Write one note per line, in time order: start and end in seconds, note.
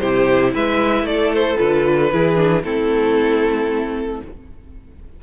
0.00 0.55 C3
0.00 1.58 E4
0.00 0.53 G4
0.00 0.53 C5
0.54 1.03 G#3
0.54 1.06 B4
0.54 1.07 E5
1.03 1.56 A3
1.03 2.13 A4
1.03 1.33 D5
1.35 1.58 C5
1.58 2.13 D3
1.58 2.11 F4
1.58 2.63 B4
2.12 2.64 E3
2.12 2.36 E4
2.12 2.65 G#4
2.36 2.62 D4
2.63 4.22 A3
2.63 4.22 C4
2.63 4.23 E4
2.63 4.21 A4